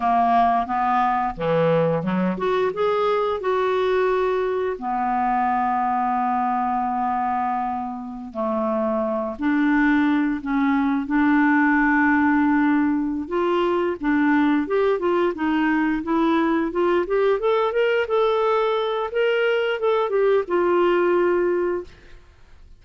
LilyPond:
\new Staff \with { instrumentName = "clarinet" } { \time 4/4 \tempo 4 = 88 ais4 b4 e4 fis8 fis'8 | gis'4 fis'2 b4~ | b1~ | b16 a4. d'4. cis'8.~ |
cis'16 d'2.~ d'16 f'8~ | f'8 d'4 g'8 f'8 dis'4 e'8~ | e'8 f'8 g'8 a'8 ais'8 a'4. | ais'4 a'8 g'8 f'2 | }